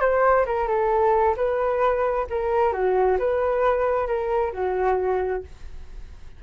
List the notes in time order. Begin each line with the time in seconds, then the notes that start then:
0.00 C5
0.45 A#4
0.67 A4
1.36 B4
2.29 A#4
2.72 F#4
3.18 B4
4.07 A#4
4.52 F#4